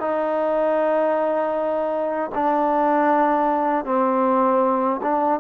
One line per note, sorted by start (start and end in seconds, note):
0.00 2.31 D#4
2.35 3.85 D4
3.85 5.00 C4
5.02 5.40 D4